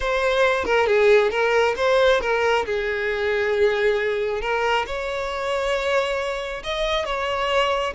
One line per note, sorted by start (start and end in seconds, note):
0.00 0.65 C5
0.65 0.86 A#4
0.86 1.30 G#4
1.30 1.74 A#4
1.76 2.20 C5
2.21 2.65 A#4
2.65 4.41 G#4
4.41 4.85 A#4
4.86 6.62 C#5
6.63 7.05 D#5
7.05 7.93 C#5